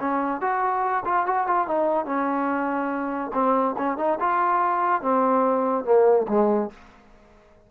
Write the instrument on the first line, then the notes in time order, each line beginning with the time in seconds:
trombone
0.00 C#4
0.41 F#4
1.05 F4
1.26 F#4
1.47 F4
1.67 D#4
2.05 C#4
3.33 C4
3.78 C#4
3.98 D#4
4.20 F4
5.02 C4
5.85 A#3
6.28 G#3